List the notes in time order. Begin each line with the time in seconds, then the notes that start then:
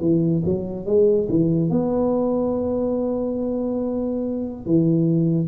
0.00 E3
0.45 F#3
0.85 G#3
1.29 E3
1.69 B3
4.66 E3